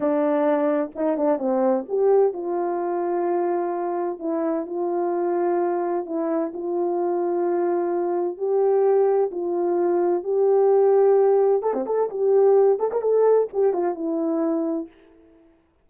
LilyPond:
\new Staff \with { instrumentName = "horn" } { \time 4/4 \tempo 4 = 129 d'2 dis'8 d'8 c'4 | g'4 f'2.~ | f'4 e'4 f'2~ | f'4 e'4 f'2~ |
f'2 g'2 | f'2 g'2~ | g'4 a'16 c'16 a'8 g'4. a'16 ais'16 | a'4 g'8 f'8 e'2 | }